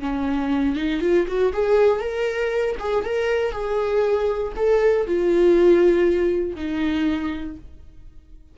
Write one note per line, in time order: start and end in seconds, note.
0.00 0.76 C#4
0.76 1.01 D#4
1.01 1.26 F4
1.27 1.53 F#4
1.53 2.00 G#4
2.00 2.76 A#4
2.79 3.04 G#4
3.04 3.52 A#4
3.52 4.53 G#4
4.56 5.06 A4
5.07 6.56 F4
6.56 7.57 D#4